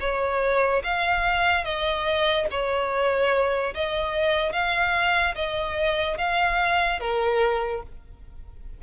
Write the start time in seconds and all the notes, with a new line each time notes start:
0.00 C#5
0.84 F5
1.64 D#5
2.50 C#5
3.74 D#5
4.52 F5
5.35 D#5
6.18 F5
7.00 A#4